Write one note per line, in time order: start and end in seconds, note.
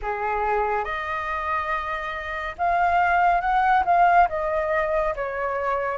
0.02 0.84 G#4
0.84 2.55 D#5
2.58 3.41 F5
3.41 3.83 F#5
3.85 4.28 F5
4.28 5.14 D#5
5.15 5.98 C#5